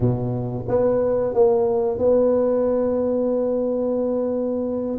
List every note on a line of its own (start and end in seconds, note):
0.00 0.65 B2
0.68 1.34 B3
1.34 1.98 A#3
1.98 4.98 B3